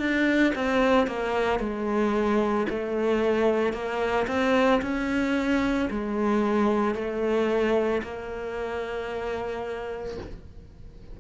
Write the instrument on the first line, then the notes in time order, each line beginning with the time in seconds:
cello
0.00 D4
0.55 C4
1.08 A#3
1.60 G#3
2.70 A3
3.74 A#3
4.28 C4
4.82 C#4
5.91 G#3
6.95 A3
8.04 A#3